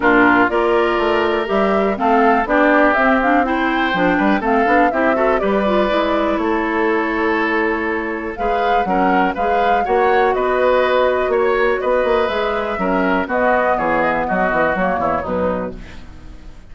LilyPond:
<<
  \new Staff \with { instrumentName = "flute" } { \time 4/4 \tempo 4 = 122 ais'4 d''2 e''4 | f''4 d''4 e''8 f''8 g''4~ | g''4 f''4 e''4 d''4~ | d''4 cis''2.~ |
cis''4 f''4 fis''4 f''4 | fis''4 dis''2 cis''4 | dis''4 e''2 dis''4 | cis''8 dis''16 e''16 dis''4 cis''4 b'4 | }
  \new Staff \with { instrumentName = "oboe" } { \time 4/4 f'4 ais'2. | a'4 g'2 c''4~ | c''8 b'8 a'4 g'8 a'8 b'4~ | b'4 a'2.~ |
a'4 b'4 ais'4 b'4 | cis''4 b'2 cis''4 | b'2 ais'4 fis'4 | gis'4 fis'4. e'8 dis'4 | }
  \new Staff \with { instrumentName = "clarinet" } { \time 4/4 d'4 f'2 g'4 | c'4 d'4 c'8 d'8 e'4 | d'4 c'8 d'8 e'8 fis'8 g'8 f'8 | e'1~ |
e'4 gis'4 cis'4 gis'4 | fis'1~ | fis'4 gis'4 cis'4 b4~ | b2 ais4 fis4 | }
  \new Staff \with { instrumentName = "bassoon" } { \time 4/4 ais,4 ais4 a4 g4 | a4 b4 c'2 | f8 g8 a8 b8 c'4 g4 | gis4 a2.~ |
a4 gis4 fis4 gis4 | ais4 b2 ais4 | b8 ais8 gis4 fis4 b4 | e4 fis8 e8 fis8 e,8 b,4 | }
>>